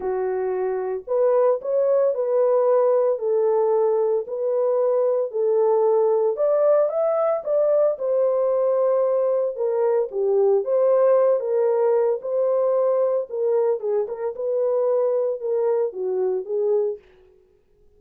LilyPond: \new Staff \with { instrumentName = "horn" } { \time 4/4 \tempo 4 = 113 fis'2 b'4 cis''4 | b'2 a'2 | b'2 a'2 | d''4 e''4 d''4 c''4~ |
c''2 ais'4 g'4 | c''4. ais'4. c''4~ | c''4 ais'4 gis'8 ais'8 b'4~ | b'4 ais'4 fis'4 gis'4 | }